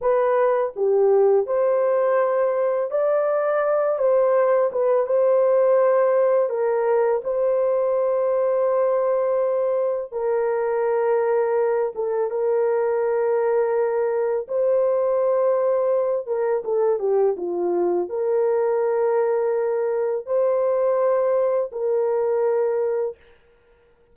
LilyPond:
\new Staff \with { instrumentName = "horn" } { \time 4/4 \tempo 4 = 83 b'4 g'4 c''2 | d''4. c''4 b'8 c''4~ | c''4 ais'4 c''2~ | c''2 ais'2~ |
ais'8 a'8 ais'2. | c''2~ c''8 ais'8 a'8 g'8 | f'4 ais'2. | c''2 ais'2 | }